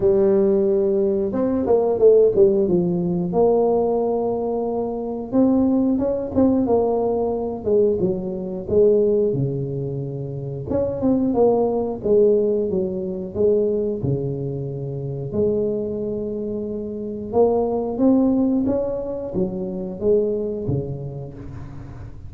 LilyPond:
\new Staff \with { instrumentName = "tuba" } { \time 4/4 \tempo 4 = 90 g2 c'8 ais8 a8 g8 | f4 ais2. | c'4 cis'8 c'8 ais4. gis8 | fis4 gis4 cis2 |
cis'8 c'8 ais4 gis4 fis4 | gis4 cis2 gis4~ | gis2 ais4 c'4 | cis'4 fis4 gis4 cis4 | }